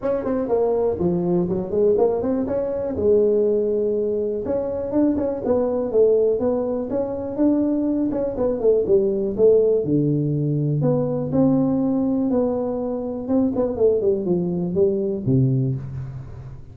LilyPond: \new Staff \with { instrumentName = "tuba" } { \time 4/4 \tempo 4 = 122 cis'8 c'8 ais4 f4 fis8 gis8 | ais8 c'8 cis'4 gis2~ | gis4 cis'4 d'8 cis'8 b4 | a4 b4 cis'4 d'4~ |
d'8 cis'8 b8 a8 g4 a4 | d2 b4 c'4~ | c'4 b2 c'8 b8 | a8 g8 f4 g4 c4 | }